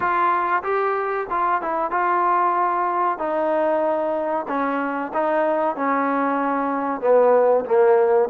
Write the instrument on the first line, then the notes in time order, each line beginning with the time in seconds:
trombone
0.00 F4
0.63 G4
1.29 F4
1.61 E4
1.90 F4
3.18 D#4
4.48 C#4
5.13 D#4
5.76 C#4
7.00 B3
7.65 A#3